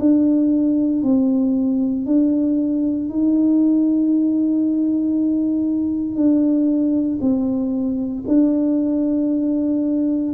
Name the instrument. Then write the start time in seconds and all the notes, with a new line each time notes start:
tuba
0.00 D4
1.03 C4
2.06 D4
3.10 D#4
6.16 D4
7.21 C4
8.28 D4